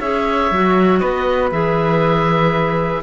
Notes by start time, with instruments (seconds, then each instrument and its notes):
0.00 cello C#4, clarinet G#4, flute C#5, oboe E5
0.51 cello F#3, clarinet F#4
0.99 cello B3, flute B4, oboe D#5
1.51 cello E3, clarinet G#4, oboe E5